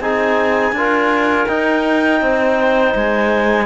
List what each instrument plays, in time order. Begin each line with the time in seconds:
0.00 cello C4, trombone D#4, clarinet G#4 G#5
0.72 cello D4, trombone F4, clarinet A#4
1.47 trombone D#4, cello D#4, clarinet G5
2.21 cello C4, clarinet C5
2.95 cello G#3, clarinet G#5